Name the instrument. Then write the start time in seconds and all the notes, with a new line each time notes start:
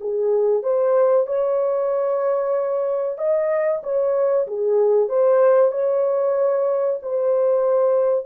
horn
0.00 G#4
0.63 C5
1.26 C#5
3.17 D#5
3.83 C#5
4.47 G#4
5.08 C5
5.72 C#5
7.02 C5